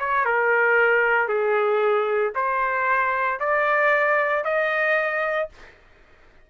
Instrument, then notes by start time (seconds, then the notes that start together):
trumpet
0.00 C#5
0.25 A#4
1.29 G#4
2.35 C5
3.40 D5
4.44 D#5